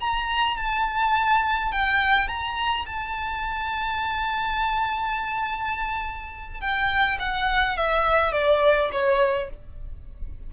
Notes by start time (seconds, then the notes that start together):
0.00 A#5
0.57 A5
1.72 G5
2.28 A#5
2.86 A5
6.60 G5
7.19 F#5
7.77 E5
8.32 D5
8.92 C#5